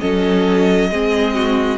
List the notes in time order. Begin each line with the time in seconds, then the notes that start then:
0.00 F#3 C#4 A4 D#5
0.91 G#3 C4 G#4
1.35 F#4